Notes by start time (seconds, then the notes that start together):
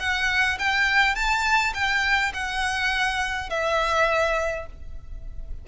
0.00 F#5
0.59 G5
1.15 A5
1.74 G5
2.34 F#5
3.50 E5